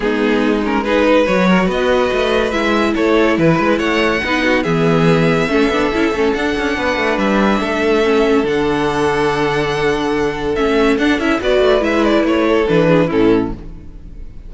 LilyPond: <<
  \new Staff \with { instrumentName = "violin" } { \time 4/4 \tempo 4 = 142 gis'4. ais'8 b'4 cis''4 | dis''2 e''4 cis''4 | b'4 fis''2 e''4~ | e''2. fis''4~ |
fis''4 e''2. | fis''1~ | fis''4 e''4 fis''8 e''8 d''4 | e''8 d''8 cis''4 b'4 a'4 | }
  \new Staff \with { instrumentName = "violin" } { \time 4/4 dis'2 gis'8 b'4 ais'8 | b'2. a'4 | b'4 cis''4 b'8 fis'8 gis'4~ | gis'4 a'2. |
b'2 a'2~ | a'1~ | a'2. b'4~ | b'4. a'4 gis'8 e'4 | }
  \new Staff \with { instrumentName = "viola" } { \time 4/4 b4. cis'8 dis'4 fis'4~ | fis'2 e'2~ | e'2 dis'4 b4~ | b4 cis'8 d'8 e'8 cis'8 d'4~ |
d'2. cis'4 | d'1~ | d'4 cis'4 d'8 e'8 fis'4 | e'2 d'4 cis'4 | }
  \new Staff \with { instrumentName = "cello" } { \time 4/4 gis2. fis4 | b4 a4 gis4 a4 | e8 gis8 a4 b4 e4~ | e4 a8 b8 cis'8 a8 d'8 cis'8 |
b8 a8 g4 a2 | d1~ | d4 a4 d'8 cis'8 b8 a8 | gis4 a4 e4 a,4 | }
>>